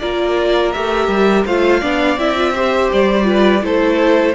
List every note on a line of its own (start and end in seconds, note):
0.00 0.76 A#3
0.00 0.74 F4
0.00 1.46 A#4
0.00 0.72 D5
0.72 1.08 A3
0.72 1.48 G4
0.72 1.45 E5
1.08 1.45 G3
1.46 1.82 A3
1.46 1.83 F4
1.46 1.81 C5
1.46 2.19 F5
1.81 2.18 B3
1.81 2.19 D4
1.81 2.53 D5
2.18 2.90 C4
2.18 2.36 E4
2.18 2.91 E5
2.36 2.54 F4
2.55 3.24 G4
2.55 3.27 C5
2.93 3.64 G3
2.93 3.65 D5
3.24 3.60 F4
3.24 3.64 B4
3.62 4.36 A3
3.62 4.35 E4
3.62 4.36 A4
3.62 4.36 C5